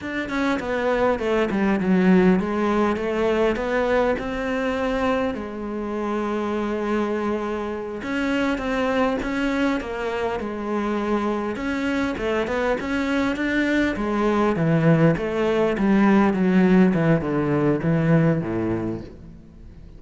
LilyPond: \new Staff \with { instrumentName = "cello" } { \time 4/4 \tempo 4 = 101 d'8 cis'8 b4 a8 g8 fis4 | gis4 a4 b4 c'4~ | c'4 gis2.~ | gis4. cis'4 c'4 cis'8~ |
cis'8 ais4 gis2 cis'8~ | cis'8 a8 b8 cis'4 d'4 gis8~ | gis8 e4 a4 g4 fis8~ | fis8 e8 d4 e4 a,4 | }